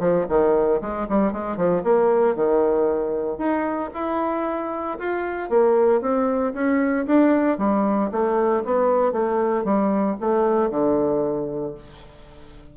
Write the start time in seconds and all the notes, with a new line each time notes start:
0.00 F3
0.29 D#3
0.81 G#3
1.09 G3
1.33 G#3
1.57 F3
1.84 A#3
2.36 D#3
3.38 D#4
3.94 E4
4.99 F4
5.50 A#3
6.01 C4
6.54 C#4
7.07 D4
7.58 G3
8.12 A3
8.65 B3
9.13 A3
9.65 G3
10.21 A3
10.71 D3